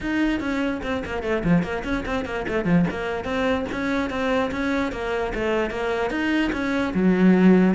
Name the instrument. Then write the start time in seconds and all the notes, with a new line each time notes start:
cello
0.00 D#4
0.40 C#4
0.83 C4
1.05 A#3
1.22 A3
1.43 F3
1.62 A#3
1.84 C#4
2.05 C4
2.25 A#3
2.47 A3
2.65 F3
2.90 A#3
3.24 C4
3.71 C#4
4.09 C4
4.51 C#4
4.91 A#3
5.34 A3
5.70 A#3
6.10 D#4
6.52 C#4
6.94 F#3